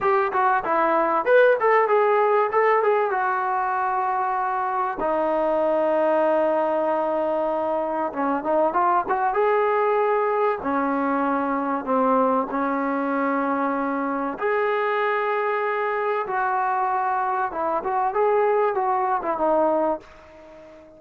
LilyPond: \new Staff \with { instrumentName = "trombone" } { \time 4/4 \tempo 4 = 96 g'8 fis'8 e'4 b'8 a'8 gis'4 | a'8 gis'8 fis'2. | dis'1~ | dis'4 cis'8 dis'8 f'8 fis'8 gis'4~ |
gis'4 cis'2 c'4 | cis'2. gis'4~ | gis'2 fis'2 | e'8 fis'8 gis'4 fis'8. e'16 dis'4 | }